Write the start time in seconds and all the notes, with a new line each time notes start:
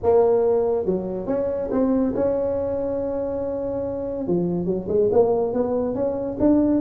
0.02 A#3
0.85 F#3
1.26 C#4
1.71 C4
2.15 C#4
4.27 F3
4.65 F#3
4.88 G#3
5.12 A#3
5.53 B3
5.95 C#4
6.39 D4